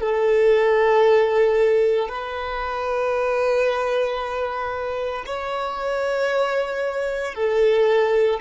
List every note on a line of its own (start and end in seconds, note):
0.00 2.09 A4
2.09 5.24 B4
5.26 7.34 C#5
7.34 8.40 A4